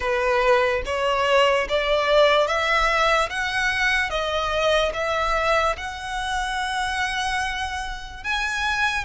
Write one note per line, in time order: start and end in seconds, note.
0.00 0.82 B4
0.85 1.67 C#5
1.68 2.47 D5
2.47 3.29 E5
3.29 4.09 F#5
4.09 4.92 D#5
4.93 5.75 E5
5.77 8.23 F#5
8.23 9.04 G#5